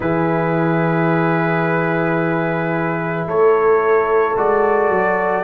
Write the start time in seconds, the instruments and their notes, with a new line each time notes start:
0.00 tuba E3, trombone E4, horn G#4, trumpet B4
3.25 tuba A3, horn A4, trumpet C#5
4.35 tuba G#3, trombone F#4, trumpet D5
4.89 tuba F#3